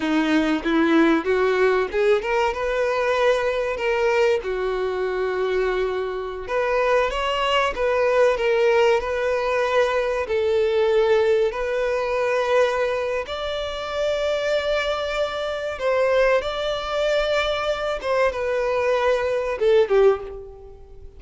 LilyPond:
\new Staff \with { instrumentName = "violin" } { \time 4/4 \tempo 4 = 95 dis'4 e'4 fis'4 gis'8 ais'8 | b'2 ais'4 fis'4~ | fis'2~ fis'16 b'4 cis''8.~ | cis''16 b'4 ais'4 b'4.~ b'16~ |
b'16 a'2 b'4.~ b'16~ | b'4 d''2.~ | d''4 c''4 d''2~ | d''8 c''8 b'2 a'8 g'8 | }